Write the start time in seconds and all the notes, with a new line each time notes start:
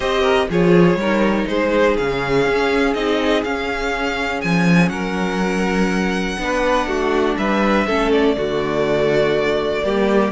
0.00 C4 G4 C5 D#5
0.21 A#4
0.49 F3 F4 G#4 C#5
0.95 G3 D#4 A#4
1.47 G#3 G#4 C5
1.97 C#3 C#4 F5
2.46 C#4
2.94 C4 D#4 D#5
3.44 C#4 F5
4.41 F3 G#5
4.89 F#3 A#4 F#5
6.38 B3 D4 B4
6.86 A3 F#4
7.37 G3 B4 E5
7.86 A3 C#4 A4
8.12 D5
8.36 D3 A3 F#4
9.82 G3 A#3 G4